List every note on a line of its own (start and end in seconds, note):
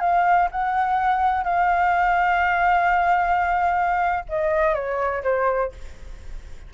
0.00 0.49 F5
0.51 1.44 F#5
1.44 4.25 F5
4.29 4.74 D#5
4.74 5.23 C#5
5.23 5.72 C5